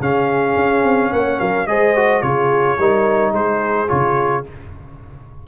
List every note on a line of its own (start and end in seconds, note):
0.00 0.56 C#3
0.00 1.68 C#4
0.00 1.10 G#4
0.00 1.13 F5
0.56 0.84 C#4
0.84 1.12 C4
1.10 1.40 A#3
1.10 1.38 C#5
1.10 1.40 F#5
1.40 1.67 F#3
1.40 1.68 A#4
1.40 1.67 F5
1.67 2.22 G#3
1.67 1.96 G#4
1.67 2.25 C5
1.67 2.22 D#5
1.96 2.22 F#4
2.22 2.78 C#3
2.22 2.78 F4
2.22 2.79 G#4
2.22 3.33 C#5
2.78 3.32 G3
2.78 3.88 D#4
2.78 3.33 A#4
3.32 3.88 G#3
3.32 4.44 G#4
3.32 3.89 C5
3.88 4.48 C#3
3.88 4.44 F4
3.88 4.45 C#5